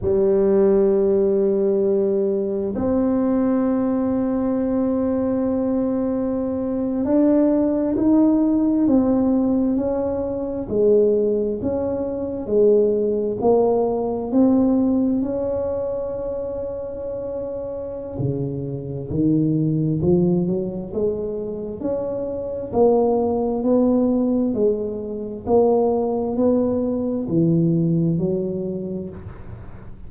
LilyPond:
\new Staff \with { instrumentName = "tuba" } { \time 4/4 \tempo 4 = 66 g2. c'4~ | c'2.~ c'8. d'16~ | d'8. dis'4 c'4 cis'4 gis16~ | gis8. cis'4 gis4 ais4 c'16~ |
c'8. cis'2.~ cis'16 | cis4 dis4 f8 fis8 gis4 | cis'4 ais4 b4 gis4 | ais4 b4 e4 fis4 | }